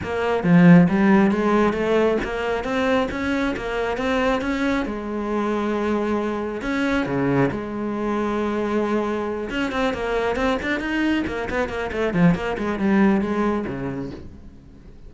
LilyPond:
\new Staff \with { instrumentName = "cello" } { \time 4/4 \tempo 4 = 136 ais4 f4 g4 gis4 | a4 ais4 c'4 cis'4 | ais4 c'4 cis'4 gis4~ | gis2. cis'4 |
cis4 gis2.~ | gis4. cis'8 c'8 ais4 c'8 | d'8 dis'4 ais8 b8 ais8 a8 f8 | ais8 gis8 g4 gis4 cis4 | }